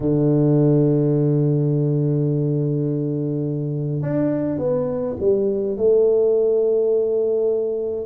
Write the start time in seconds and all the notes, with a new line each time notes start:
0.00 D3
4.02 D4
4.58 B3
5.20 G3
5.77 A3